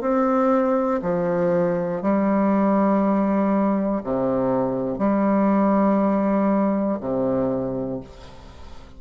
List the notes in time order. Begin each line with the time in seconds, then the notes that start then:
0.00 C4
1.02 F3
2.01 G3
4.03 C3
4.98 G3
7.00 C3